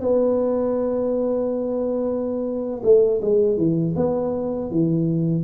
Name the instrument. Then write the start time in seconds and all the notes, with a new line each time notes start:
tuba
0.00 B3
2.83 A3
3.21 G#3
3.57 E3
3.96 B3
4.70 E3